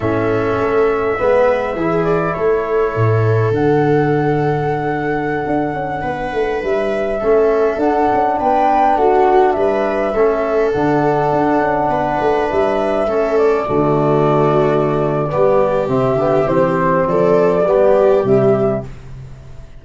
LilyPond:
<<
  \new Staff \with { instrumentName = "flute" } { \time 4/4 \tempo 4 = 102 e''2.~ e''8 d''8 | cis''2 fis''2~ | fis''2.~ fis''16 e''8.~ | e''4~ e''16 fis''4 g''4 fis''8.~ |
fis''16 e''2 fis''4.~ fis''16~ | fis''4~ fis''16 e''4. d''4~ d''16~ | d''2. e''4 | c''4 d''2 e''4 | }
  \new Staff \with { instrumentName = "viola" } { \time 4/4 a'2 b'4 gis'4 | a'1~ | a'2~ a'16 b'4.~ b'16~ | b'16 a'2 b'4 fis'8.~ |
fis'16 b'4 a'2~ a'8.~ | a'16 b'2 a'4 fis'8.~ | fis'2 g'2~ | g'4 a'4 g'2 | }
  \new Staff \with { instrumentName = "trombone" } { \time 4/4 cis'2 b4 e'4~ | e'2 d'2~ | d'1~ | d'16 cis'4 d'2~ d'8.~ |
d'4~ d'16 cis'4 d'4.~ d'16~ | d'2~ d'16 cis'4 a8.~ | a2 b4 c'8 b8 | c'2 b4 g4 | }
  \new Staff \with { instrumentName = "tuba" } { \time 4/4 a,4 a4 gis4 e4 | a4 a,4 d2~ | d4~ d16 d'8 cis'8 b8 a8 g8.~ | g16 a4 d'8 cis'8 b4 a8.~ |
a16 g4 a4 d4 d'8 cis'16~ | cis'16 b8 a8 g4 a4 d8.~ | d2 g4 c8 d8 | e4 f4 g4 c4 | }
>>